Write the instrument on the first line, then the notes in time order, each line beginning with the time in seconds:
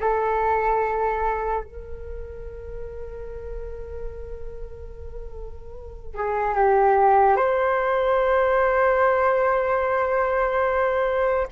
flute
0.00 A4
1.64 A#4
6.15 G#4
6.55 G4
7.36 C5